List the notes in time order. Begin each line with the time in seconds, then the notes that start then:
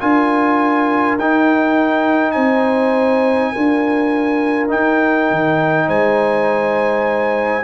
0.00 D4 F4 A#4 G#5
1.19 D#4 G5
2.32 C4 C5 G#5
3.52 D4 F4 A#4
4.69 D#4 G5
5.31 D#3
5.87 G#3 C5 G#5